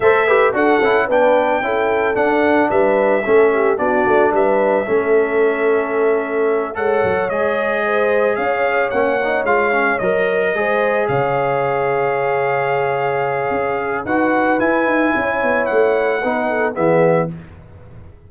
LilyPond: <<
  \new Staff \with { instrumentName = "trumpet" } { \time 4/4 \tempo 4 = 111 e''4 fis''4 g''2 | fis''4 e''2 d''4 | e''1~ | e''8 fis''4 dis''2 f''8~ |
f''8 fis''4 f''4 dis''4.~ | dis''8 f''2.~ f''8~ | f''2 fis''4 gis''4~ | gis''4 fis''2 e''4 | }
  \new Staff \with { instrumentName = "horn" } { \time 4/4 c''8 b'8 a'4 b'4 a'4~ | a'4 b'4 a'8 g'8 fis'4 | b'4 a'2.~ | a'8 cis''2 c''4 cis''8~ |
cis''2.~ cis''8 c''8~ | c''8 cis''2.~ cis''8~ | cis''2 b'2 | cis''2 b'8 a'8 gis'4 | }
  \new Staff \with { instrumentName = "trombone" } { \time 4/4 a'8 g'8 fis'8 e'8 d'4 e'4 | d'2 cis'4 d'4~ | d'4 cis'2.~ | cis'8 a'4 gis'2~ gis'8~ |
gis'8 cis'8 dis'8 f'8 cis'8 ais'4 gis'8~ | gis'1~ | gis'2 fis'4 e'4~ | e'2 dis'4 b4 | }
  \new Staff \with { instrumentName = "tuba" } { \time 4/4 a4 d'8 cis'8 b4 cis'4 | d'4 g4 a4 b8 a8 | g4 a2.~ | a8 gis8 fis8 gis2 cis'8~ |
cis'8 ais4 gis4 fis4 gis8~ | gis8 cis2.~ cis8~ | cis4 cis'4 dis'4 e'8 dis'8 | cis'8 b8 a4 b4 e4 | }
>>